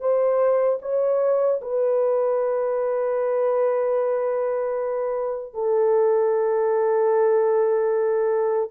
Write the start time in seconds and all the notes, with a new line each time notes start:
0.00 C5
0.81 C#5
1.61 B4
5.54 A4